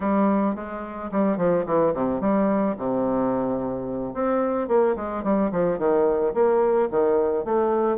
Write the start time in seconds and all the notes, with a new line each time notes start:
0.00 G3
0.55 G#3
1.11 G3
1.37 F3
1.66 E3
1.94 C3
2.20 G3
2.77 C3
4.13 C4
4.68 A#3
4.95 G#3
5.23 G3
5.51 F3
5.78 D#3
6.34 A#3
6.90 D#3
7.45 A3